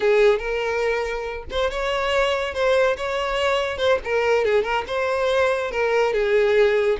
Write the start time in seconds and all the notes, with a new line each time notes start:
0.00 G#4
0.38 A#4
1.50 C5
1.70 C#5
2.54 C5
2.96 C#5
3.77 C5
4.04 A#4
4.45 G#4
4.63 A#4
4.87 C5
5.71 A#4
6.13 G#4